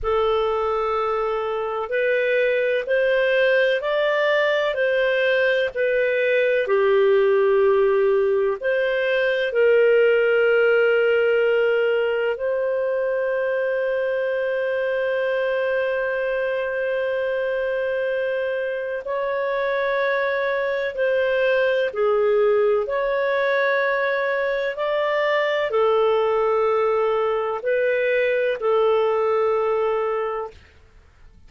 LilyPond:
\new Staff \with { instrumentName = "clarinet" } { \time 4/4 \tempo 4 = 63 a'2 b'4 c''4 | d''4 c''4 b'4 g'4~ | g'4 c''4 ais'2~ | ais'4 c''2.~ |
c''1 | cis''2 c''4 gis'4 | cis''2 d''4 a'4~ | a'4 b'4 a'2 | }